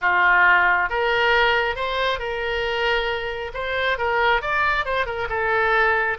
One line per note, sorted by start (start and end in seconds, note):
0.01 0.89 F4
0.89 1.75 A#4
1.75 2.19 C5
2.19 3.51 A#4
3.53 3.97 C5
3.98 4.41 A#4
4.41 4.85 D5
4.85 5.06 C5
5.06 5.28 A#4
5.29 6.17 A4